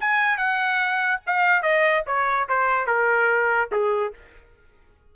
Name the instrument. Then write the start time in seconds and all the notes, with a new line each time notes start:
trumpet
0.00 G#5
0.37 F#5
1.27 F5
1.62 D#5
2.06 C#5
2.48 C5
2.86 A#4
3.72 G#4